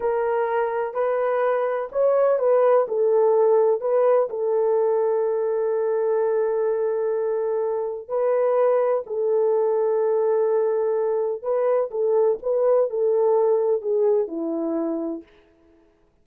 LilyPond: \new Staff \with { instrumentName = "horn" } { \time 4/4 \tempo 4 = 126 ais'2 b'2 | cis''4 b'4 a'2 | b'4 a'2.~ | a'1~ |
a'4 b'2 a'4~ | a'1 | b'4 a'4 b'4 a'4~ | a'4 gis'4 e'2 | }